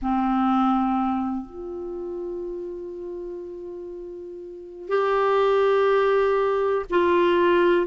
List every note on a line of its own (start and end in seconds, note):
0.01 1.45 C4
1.45 4.89 F4
4.89 6.85 G4
6.89 7.86 F4